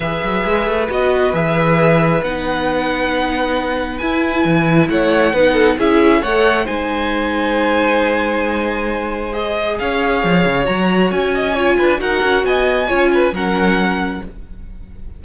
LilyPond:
<<
  \new Staff \with { instrumentName = "violin" } { \time 4/4 \tempo 4 = 135 e''2 dis''4 e''4~ | e''4 fis''2.~ | fis''4 gis''2 fis''4~ | fis''4 e''4 fis''4 gis''4~ |
gis''1~ | gis''4 dis''4 f''2 | ais''4 gis''2 fis''4 | gis''2 fis''2 | }
  \new Staff \with { instrumentName = "violin" } { \time 4/4 b'1~ | b'1~ | b'2. cis''4 | b'8 a'8 gis'4 cis''4 c''4~ |
c''1~ | c''2 cis''2~ | cis''4. dis''8 cis''8 b'8 ais'4 | dis''4 cis''8 b'8 ais'2 | }
  \new Staff \with { instrumentName = "viola" } { \time 4/4 gis'2 fis'4 gis'4~ | gis'4 dis'2.~ | dis'4 e'2. | dis'4 e'4 a'4 dis'4~ |
dis'1~ | dis'4 gis'2. | fis'2 f'4 fis'4~ | fis'4 f'4 cis'2 | }
  \new Staff \with { instrumentName = "cello" } { \time 4/4 e8 fis8 gis8 a8 b4 e4~ | e4 b2.~ | b4 e'4 e4 a4 | b4 cis'4 a4 gis4~ |
gis1~ | gis2 cis'4 f8 cis8 | fis4 cis'4. d'8 dis'8 cis'8 | b4 cis'4 fis2 | }
>>